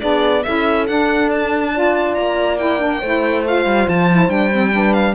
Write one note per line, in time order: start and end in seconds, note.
0.00 0.45 B3
0.00 0.43 D4
0.00 0.43 G#4
0.00 0.43 D5
0.43 0.88 C#4
0.43 0.87 E4
0.43 1.72 A4
0.43 0.86 E5
0.87 1.73 D4
0.87 2.17 D4
0.87 1.30 F#5
1.31 2.14 A5
1.72 2.57 F4
1.72 2.99 D5
2.14 3.02 A#3
2.14 2.57 A#5
2.57 2.78 E4
2.57 3.43 G5
2.78 3.00 D4
2.99 3.65 A3
2.99 3.45 E4
2.99 4.71 C5
3.45 4.09 F4
3.45 3.88 F5
3.65 3.87 G3
3.87 4.28 F3
3.87 4.29 A5
4.11 4.28 E4
4.28 5.14 G3
4.28 4.50 D4
4.28 4.93 G5
4.52 4.72 C4
4.72 5.14 D4
4.72 5.14 B4
4.93 5.14 F5